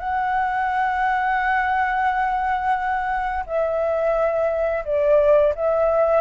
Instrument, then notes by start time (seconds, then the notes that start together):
flute
0.00 F#5
3.47 E5
4.85 D5
5.55 E5